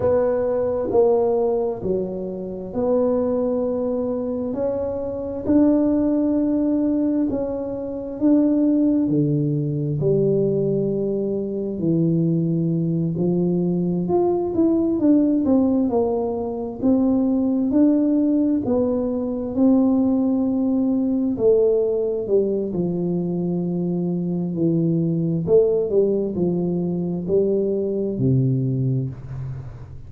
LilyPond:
\new Staff \with { instrumentName = "tuba" } { \time 4/4 \tempo 4 = 66 b4 ais4 fis4 b4~ | b4 cis'4 d'2 | cis'4 d'4 d4 g4~ | g4 e4. f4 f'8 |
e'8 d'8 c'8 ais4 c'4 d'8~ | d'8 b4 c'2 a8~ | a8 g8 f2 e4 | a8 g8 f4 g4 c4 | }